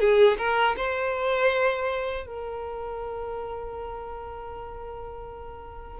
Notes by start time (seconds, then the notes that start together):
0.00 G#4
0.38 A#4
0.77 C5
2.27 A#4